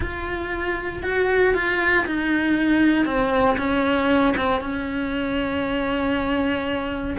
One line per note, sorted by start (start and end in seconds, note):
0.00 1.03 F4
1.03 1.54 F#4
1.54 2.05 F4
2.05 3.05 D#4
3.05 3.56 C4
3.57 4.34 C#4
4.36 4.60 C4
4.60 7.17 C#4